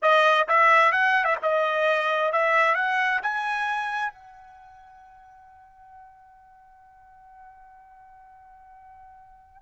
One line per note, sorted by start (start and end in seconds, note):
0.01 0.47 D#5
0.48 0.92 E5
0.92 1.24 F#5
1.24 1.36 E5
1.42 2.32 D#5
2.32 2.74 E5
2.74 3.20 F#5
3.22 4.12 G#5
4.12 9.62 F#5